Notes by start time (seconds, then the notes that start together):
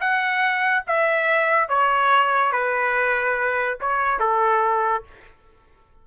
0.00 F#5
0.87 E5
1.69 C#5
2.52 B4
3.81 C#5
4.19 A4